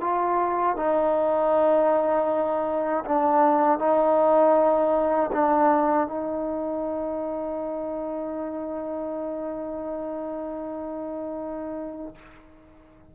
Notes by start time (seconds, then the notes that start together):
0.00 F4
0.76 D#4
3.04 D4
3.78 D#4
5.32 D4
6.07 D#4